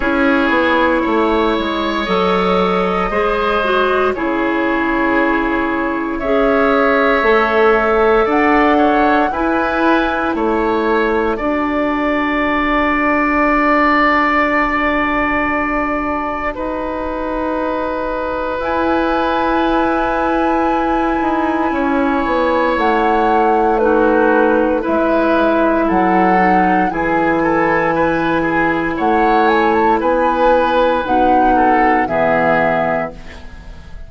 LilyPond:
<<
  \new Staff \with { instrumentName = "flute" } { \time 4/4 \tempo 4 = 58 cis''2 dis''2 | cis''2 e''2 | fis''4 gis''4 a''2~ | a''1~ |
a''2 gis''2~ | gis''2 fis''4 b'4 | e''4 fis''4 gis''2 | fis''8 gis''16 a''16 gis''4 fis''4 e''4 | }
  \new Staff \with { instrumentName = "oboe" } { \time 4/4 gis'4 cis''2 c''4 | gis'2 cis''2 | d''8 cis''8 b'4 cis''4 d''4~ | d''1 |
b'1~ | b'4 cis''2 fis'4 | b'4 a'4 gis'8 a'8 b'8 gis'8 | cis''4 b'4. a'8 gis'4 | }
  \new Staff \with { instrumentName = "clarinet" } { \time 4/4 e'2 a'4 gis'8 fis'8 | e'2 gis'4 a'4~ | a'4 e'2 fis'4~ | fis'1~ |
fis'2 e'2~ | e'2. dis'4 | e'4. dis'8 e'2~ | e'2 dis'4 b4 | }
  \new Staff \with { instrumentName = "bassoon" } { \time 4/4 cis'8 b8 a8 gis8 fis4 gis4 | cis2 cis'4 a4 | d'4 e'4 a4 d'4~ | d'1 |
dis'2 e'2~ | e'8 dis'8 cis'8 b8 a2 | gis4 fis4 e2 | a4 b4 b,4 e4 | }
>>